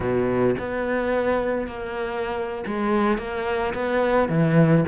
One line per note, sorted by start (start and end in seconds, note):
0.00 0.55 B2
0.59 1.67 B3
1.67 2.64 A#3
2.66 3.18 G#3
3.18 3.73 A#3
3.74 4.29 B3
4.29 4.84 E3